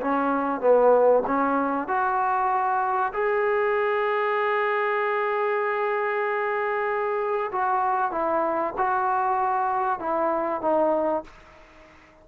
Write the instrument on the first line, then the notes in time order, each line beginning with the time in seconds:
trombone
0.00 C#4
0.60 B3
1.26 C#4
1.87 F#4
3.13 G#4
7.51 F#4
8.11 E4
8.77 F#4
9.99 E4
10.61 D#4